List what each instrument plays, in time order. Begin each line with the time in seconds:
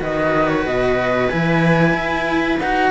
0.00 cello D#3 F#4, viola B4, flute D#5
0.49 flute C#5
0.66 cello B2, flute D#5
1.28 cello E3 E4, flute G#5
1.93 cello E4
2.60 cello D#4 F#4, flute F#5